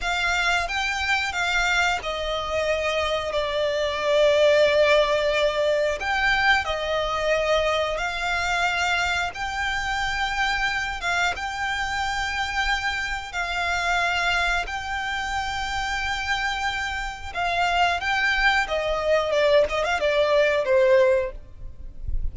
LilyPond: \new Staff \with { instrumentName = "violin" } { \time 4/4 \tempo 4 = 90 f''4 g''4 f''4 dis''4~ | dis''4 d''2.~ | d''4 g''4 dis''2 | f''2 g''2~ |
g''8 f''8 g''2. | f''2 g''2~ | g''2 f''4 g''4 | dis''4 d''8 dis''16 f''16 d''4 c''4 | }